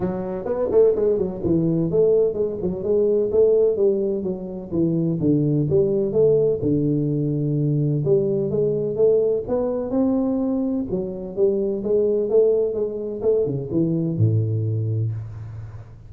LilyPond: \new Staff \with { instrumentName = "tuba" } { \time 4/4 \tempo 4 = 127 fis4 b8 a8 gis8 fis8 e4 | a4 gis8 fis8 gis4 a4 | g4 fis4 e4 d4 | g4 a4 d2~ |
d4 g4 gis4 a4 | b4 c'2 fis4 | g4 gis4 a4 gis4 | a8 cis8 e4 a,2 | }